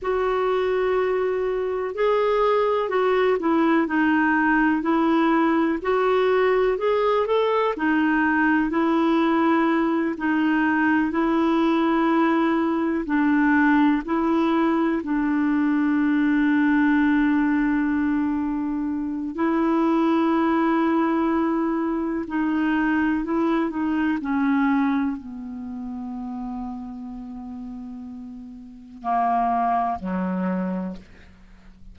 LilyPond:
\new Staff \with { instrumentName = "clarinet" } { \time 4/4 \tempo 4 = 62 fis'2 gis'4 fis'8 e'8 | dis'4 e'4 fis'4 gis'8 a'8 | dis'4 e'4. dis'4 e'8~ | e'4. d'4 e'4 d'8~ |
d'1 | e'2. dis'4 | e'8 dis'8 cis'4 b2~ | b2 ais4 fis4 | }